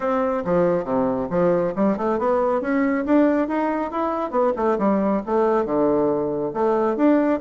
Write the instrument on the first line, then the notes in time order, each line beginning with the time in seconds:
bassoon
0.00 C4
0.44 F3
0.84 C3
1.30 F3
1.75 G3
1.97 A3
2.18 B3
2.61 C#4
3.05 D4
3.47 D#4
3.91 E4
4.30 B3
4.56 A3
4.78 G3
5.26 A3
5.65 D3
6.53 A3
6.96 D4